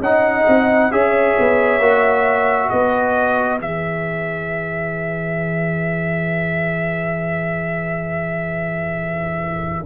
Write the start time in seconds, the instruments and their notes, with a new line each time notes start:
0.00 tuba C#4, trombone D#4, horn D#5, trumpet F#5
0.48 tuba C4
0.91 tuba C#4, trombone G#4, horn C#5, trumpet E5
1.39 tuba B3
1.79 tuba A#3, trombone F#4
2.70 tuba B3, horn B4, trumpet D#5
3.59 tuba E3, trombone G#4, trumpet E5